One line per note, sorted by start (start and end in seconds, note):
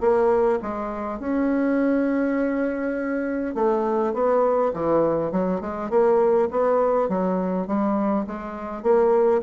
0.00 0.59 A#3
0.62 1.20 G#3
1.20 3.55 C#4
3.55 4.13 A3
4.13 4.72 B3
4.74 5.31 E3
5.31 5.60 F#3
5.60 5.90 G#3
5.90 6.49 A#3
6.51 7.09 B3
7.09 7.67 F#3
7.67 8.26 G3
8.26 8.82 G#3
8.82 9.41 A#3